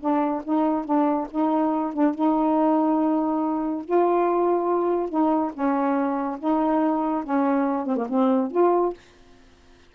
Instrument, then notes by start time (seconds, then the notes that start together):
saxophone
0.00 D4
0.44 D#4
0.85 D4
1.31 D#4
1.93 D4
2.15 D#4
3.85 F4
5.09 D#4
5.54 C#4
6.39 D#4
7.24 C#4
7.86 C4
7.97 A#3
8.09 C4
8.51 F4